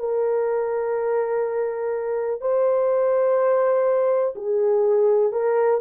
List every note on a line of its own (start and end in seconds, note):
0.00 2.41 A#4
2.41 4.35 C5
4.36 5.33 G#4
5.33 5.81 A#4